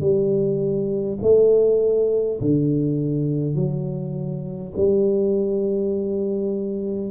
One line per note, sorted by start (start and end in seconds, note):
0.00 1.18 G3
1.21 2.39 A3
2.41 3.55 D3
3.55 4.73 F#3
4.76 7.10 G3